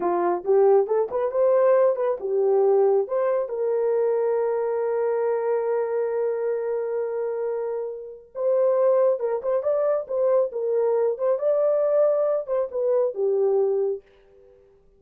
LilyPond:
\new Staff \with { instrumentName = "horn" } { \time 4/4 \tempo 4 = 137 f'4 g'4 a'8 b'8 c''4~ | c''8 b'8 g'2 c''4 | ais'1~ | ais'1~ |
ais'2. c''4~ | c''4 ais'8 c''8 d''4 c''4 | ais'4. c''8 d''2~ | d''8 c''8 b'4 g'2 | }